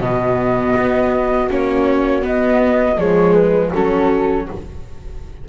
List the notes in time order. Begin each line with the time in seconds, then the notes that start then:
0.00 B2 B3 F#4 D#5
0.75 B3
1.50 A#3 C#4 C#5
2.21 B3 D#5
2.97 F3 G#3 G#4 C#5
3.33 B4
3.72 F#3 C#4 F#4 A4